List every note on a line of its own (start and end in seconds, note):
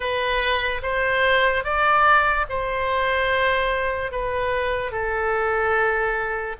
0.00 0.81 B4
0.82 1.64 C5
1.64 2.46 D5
2.49 4.11 C5
4.11 4.91 B4
4.91 6.55 A4